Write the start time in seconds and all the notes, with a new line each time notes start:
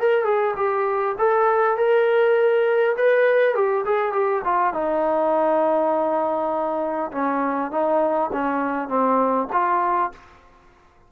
0.00 A#4
0.25 G#4
0.57 G4
1.19 A4
1.77 A#4
2.97 B4
3.55 G4
3.86 G#4
4.13 G4
4.45 F4
4.74 D#4
7.12 C#4
7.71 D#4
8.33 C#4
8.89 C4
9.53 F4